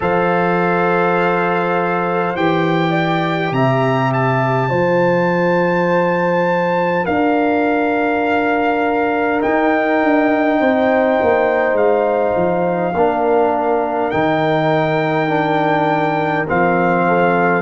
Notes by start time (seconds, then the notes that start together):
0.00 F3 A4 C5 F5
2.35 E3 G4 G5
2.90 D5
3.52 C3 E5 A#5
4.13 A5
4.69 F3 F4 C5
7.04 D4 A#4 F5
9.40 D#4 G5
10.02 D4
10.60 C4 C5
11.21 A#3
11.72 G#3 F5
12.36 F3
12.93 A#3 D4 A#4
14.10 D#3 D#4 G5
15.28 D4
16.47 F3 C4 F5
17.07 A4